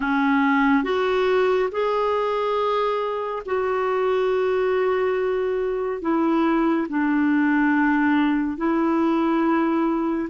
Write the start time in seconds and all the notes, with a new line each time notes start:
0.00 C#4
0.83 F#4
1.71 G#4
3.45 F#4
6.01 E4
6.88 D4
8.57 E4